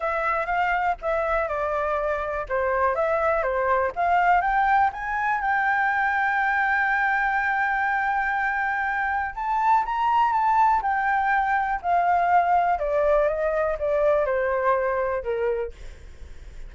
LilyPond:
\new Staff \with { instrumentName = "flute" } { \time 4/4 \tempo 4 = 122 e''4 f''4 e''4 d''4~ | d''4 c''4 e''4 c''4 | f''4 g''4 gis''4 g''4~ | g''1~ |
g''2. a''4 | ais''4 a''4 g''2 | f''2 d''4 dis''4 | d''4 c''2 ais'4 | }